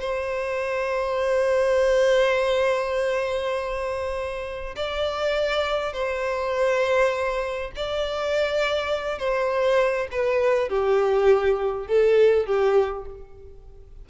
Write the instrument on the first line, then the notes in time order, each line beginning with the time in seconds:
violin
0.00 C5
4.76 D5
5.93 C5
7.76 D5
9.18 C5
10.11 B4
10.69 G4
11.88 A4
12.46 G4